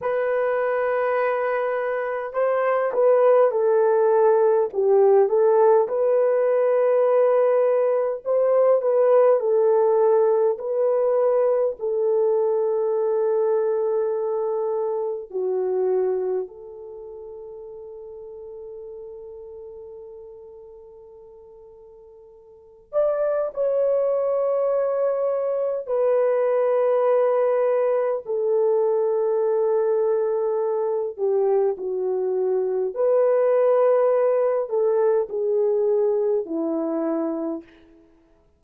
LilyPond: \new Staff \with { instrumentName = "horn" } { \time 4/4 \tempo 4 = 51 b'2 c''8 b'8 a'4 | g'8 a'8 b'2 c''8 b'8 | a'4 b'4 a'2~ | a'4 fis'4 a'2~ |
a'2.~ a'8 d''8 | cis''2 b'2 | a'2~ a'8 g'8 fis'4 | b'4. a'8 gis'4 e'4 | }